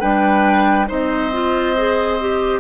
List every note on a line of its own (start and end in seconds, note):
0.00 0.90 G3
0.00 0.87 D4
0.00 0.87 B4
0.00 0.88 G5
0.87 2.60 C4
0.87 1.31 D#4
0.87 2.60 C5
0.87 2.60 D#5
1.33 1.76 F4
1.77 2.20 G#4
2.20 2.60 G4